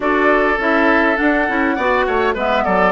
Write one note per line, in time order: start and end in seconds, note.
0.00 0.57 D4
0.00 0.55 F#4
0.00 1.75 A4
0.00 0.60 D5
0.58 1.17 C#4
0.58 1.16 E4
0.58 1.17 E5
1.16 1.45 D4
1.16 1.49 D4
1.16 2.34 F#5
1.48 1.77 C#4
1.48 1.77 E4
1.75 2.06 B3
1.75 2.36 F#4
1.75 2.05 D5
2.06 2.35 A3
2.06 2.34 C#5
2.34 2.64 G#3
2.34 2.92 B3
2.34 2.63 B4
2.34 2.64 E5
2.63 2.92 F#3
2.63 2.92 A4
2.63 2.92 D5